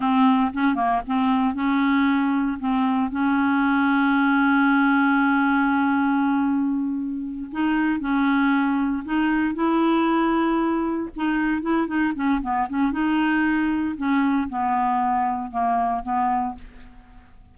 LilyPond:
\new Staff \with { instrumentName = "clarinet" } { \time 4/4 \tempo 4 = 116 c'4 cis'8 ais8 c'4 cis'4~ | cis'4 c'4 cis'2~ | cis'1~ | cis'2~ cis'8 dis'4 cis'8~ |
cis'4. dis'4 e'4.~ | e'4. dis'4 e'8 dis'8 cis'8 | b8 cis'8 dis'2 cis'4 | b2 ais4 b4 | }